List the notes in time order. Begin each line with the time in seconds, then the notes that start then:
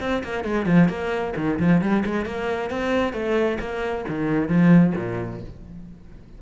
0.00 C4
0.24 A#3
0.44 G#3
0.66 F3
0.88 A#3
1.36 D#3
1.59 F3
1.81 G3
2.05 G#3
2.25 A#3
2.70 C4
3.13 A3
3.60 A#3
4.08 D#3
4.48 F3
4.96 A#2